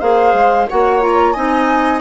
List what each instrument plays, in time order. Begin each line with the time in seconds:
0.00 bassoon A#3, clarinet G#4, viola C5, flute F5
0.34 bassoon G#3
0.69 bassoon A#3, clarinet F#4, viola C#5, flute F#5
1.01 clarinet F4, flute A#5
1.33 bassoon C4, clarinet D#4, viola D#5, flute G#5